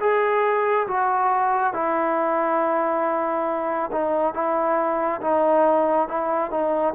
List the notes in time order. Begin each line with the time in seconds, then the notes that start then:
0.00 G#4
0.87 F#4
1.74 E4
3.92 D#4
4.34 E4
5.21 D#4
6.08 E4
6.51 D#4